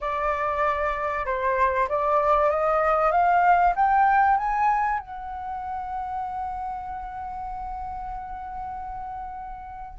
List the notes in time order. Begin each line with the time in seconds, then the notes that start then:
0.00 D5
1.25 C5
1.88 D5
2.50 D#5
3.11 F5
3.75 G5
4.37 G#5
4.99 F#5